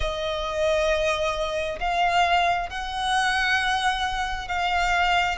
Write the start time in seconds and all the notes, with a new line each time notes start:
0.00 D#5
1.80 F5
2.69 F#5
4.48 F5